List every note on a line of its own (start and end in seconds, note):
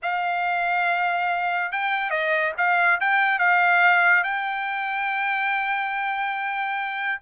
0.02 1.72 F5
1.72 2.10 G5
2.10 2.52 D#5
2.57 3.00 F5
3.00 3.38 G5
3.38 4.23 F5
4.23 7.21 G5